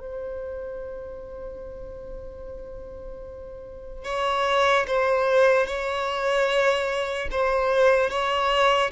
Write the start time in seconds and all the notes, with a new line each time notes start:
0.00 C5
4.05 C#5
4.87 C5
5.66 C#5
7.31 C5
8.10 C#5